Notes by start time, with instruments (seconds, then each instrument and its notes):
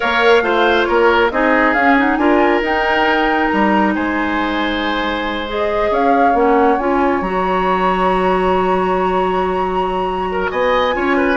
0.00 bassoon A#3, clarinet A#4, oboe C#5, flute F5
0.42 bassoon A3, clarinet F4, oboe C5
0.84 bassoon A#3, oboe A#4, flute C#5
1.30 bassoon C4, clarinet D#4, oboe G#4, flute D#5
1.73 bassoon C#4, clarinet C#4, flute F5
1.97 clarinet D#4, flute F#5
2.16 bassoon D4, clarinet F4, oboe A#4, flute G#5
2.61 bassoon D#4, clarinet D#4, flute G5
3.48 bassoon G3, flute A#5
3.94 bassoon G#3, oboe C5, flute G#5
5.48 clarinet G#4, flute D#5
5.90 bassoon C#4, oboe C#5, flute F5
6.34 bassoon A#3, clarinet C#4, flute F#5
6.78 bassoon C#4, clarinet F4, flute G#5
7.21 bassoon F#3, clarinet F#4, flute A#5
10.31 oboe A#4
10.50 bassoon B3, oboe D#5, flute G#5
10.92 bassoon C#4, clarinet F4, oboe C#5
11.16 oboe B4